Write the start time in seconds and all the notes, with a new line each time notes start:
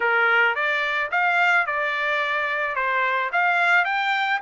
0.00 A#4
0.55 D5
1.11 F5
1.66 D5
2.75 C5
3.32 F5
3.84 G5